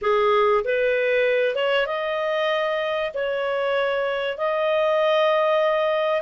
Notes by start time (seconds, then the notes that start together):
0.01 G#4
0.64 B4
1.55 C#5
1.86 D#5
3.14 C#5
4.38 D#5